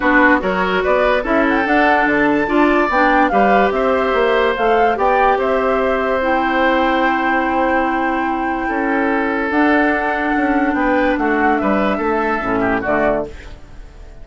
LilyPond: <<
  \new Staff \with { instrumentName = "flute" } { \time 4/4 \tempo 4 = 145 b'4 cis''4 d''4 e''8 fis''16 g''16 | fis''4 a''2 g''4 | f''4 e''2 f''4 | g''4 e''2 g''4~ |
g''1~ | g''2. fis''4~ | fis''2 g''4 fis''4 | e''2. d''4 | }
  \new Staff \with { instrumentName = "oboe" } { \time 4/4 fis'4 ais'4 b'4 a'4~ | a'2 d''2 | b'4 c''2. | d''4 c''2.~ |
c''1~ | c''4 a'2.~ | a'2 b'4 fis'4 | b'4 a'4. g'8 fis'4 | }
  \new Staff \with { instrumentName = "clarinet" } { \time 4/4 d'4 fis'2 e'4 | d'2 f'4 d'4 | g'2. a'4 | g'2. e'4~ |
e'1~ | e'2. d'4~ | d'1~ | d'2 cis'4 a4 | }
  \new Staff \with { instrumentName = "bassoon" } { \time 4/4 b4 fis4 b4 cis'4 | d'4 d4 d'4 b4 | g4 c'4 ais4 a4 | b4 c'2.~ |
c'1~ | c'4 cis'2 d'4~ | d'4 cis'4 b4 a4 | g4 a4 a,4 d4 | }
>>